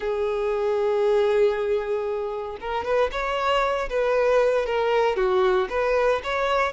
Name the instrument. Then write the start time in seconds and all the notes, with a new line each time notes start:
violin
0.00 G#4
2.61 A#4
2.84 B4
3.11 C#5
3.89 B4
4.66 A#4
5.16 F#4
5.69 B4
6.23 C#5